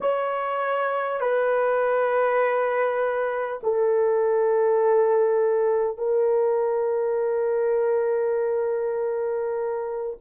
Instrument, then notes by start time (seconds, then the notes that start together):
horn
0.00 C#5
1.20 B4
3.63 A4
5.97 A#4